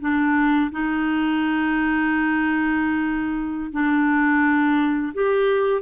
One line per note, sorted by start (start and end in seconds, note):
0.00 0.71 D4
0.71 3.71 D#4
3.72 5.13 D4
5.13 5.82 G4